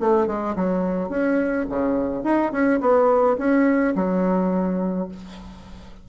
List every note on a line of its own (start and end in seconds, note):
0.00 0.27 A3
0.27 0.55 G#3
0.56 1.10 F#3
1.10 1.66 C#4
1.69 2.24 C#3
2.24 2.52 D#4
2.52 2.80 C#4
2.80 3.37 B3
3.38 3.95 C#4
3.95 5.09 F#3